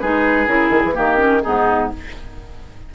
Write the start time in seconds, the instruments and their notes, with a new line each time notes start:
0.00 bassoon G#3, clarinet D#4, oboe G#4, flute B4
0.47 bassoon C#3, clarinet E4, flute A#4
0.70 bassoon D#3, flute G#4
0.85 bassoon E3
0.94 bassoon D#3, clarinet A#3, oboe G4, flute A#4
1.18 clarinet C#4
1.43 bassoon G#2, clarinet B3, oboe D#4, flute G#4